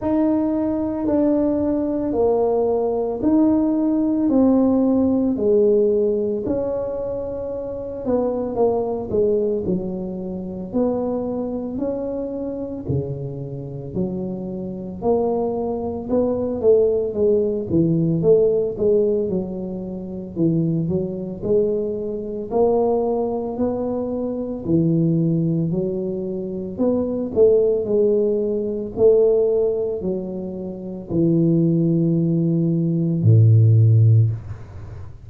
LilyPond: \new Staff \with { instrumentName = "tuba" } { \time 4/4 \tempo 4 = 56 dis'4 d'4 ais4 dis'4 | c'4 gis4 cis'4. b8 | ais8 gis8 fis4 b4 cis'4 | cis4 fis4 ais4 b8 a8 |
gis8 e8 a8 gis8 fis4 e8 fis8 | gis4 ais4 b4 e4 | fis4 b8 a8 gis4 a4 | fis4 e2 a,4 | }